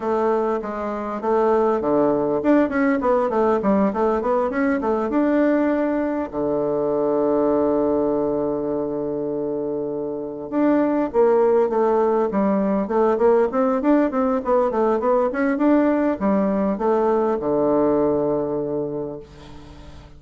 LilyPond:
\new Staff \with { instrumentName = "bassoon" } { \time 4/4 \tempo 4 = 100 a4 gis4 a4 d4 | d'8 cis'8 b8 a8 g8 a8 b8 cis'8 | a8 d'2 d4.~ | d1~ |
d4. d'4 ais4 a8~ | a8 g4 a8 ais8 c'8 d'8 c'8 | b8 a8 b8 cis'8 d'4 g4 | a4 d2. | }